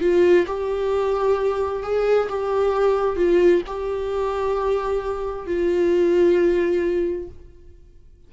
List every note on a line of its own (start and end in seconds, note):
0.00 0.45 F4
0.46 1.83 G4
1.83 2.28 G#4
2.29 3.16 G4
3.16 3.62 F4
3.67 5.46 G4
5.46 7.28 F4